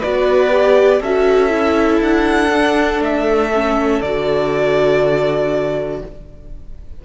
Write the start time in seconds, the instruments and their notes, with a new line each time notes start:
0.00 cello B3, viola F#4, violin B4 D5
0.51 viola G4
1.00 cello C#4, viola F#4, violin A4 E5
1.49 viola E4
2.01 cello D4, violin F#5
2.53 viola D4
3.00 cello A3, violin E5
3.54 viola C#4
4.02 cello D3, viola F#4, violin D5